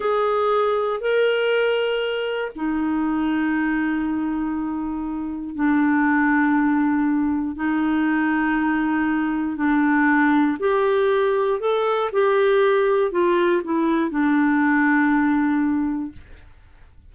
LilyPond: \new Staff \with { instrumentName = "clarinet" } { \time 4/4 \tempo 4 = 119 gis'2 ais'2~ | ais'4 dis'2.~ | dis'2. d'4~ | d'2. dis'4~ |
dis'2. d'4~ | d'4 g'2 a'4 | g'2 f'4 e'4 | d'1 | }